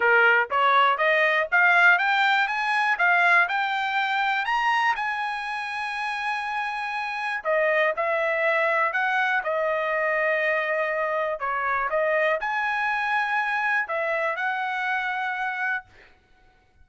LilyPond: \new Staff \with { instrumentName = "trumpet" } { \time 4/4 \tempo 4 = 121 ais'4 cis''4 dis''4 f''4 | g''4 gis''4 f''4 g''4~ | g''4 ais''4 gis''2~ | gis''2. dis''4 |
e''2 fis''4 dis''4~ | dis''2. cis''4 | dis''4 gis''2. | e''4 fis''2. | }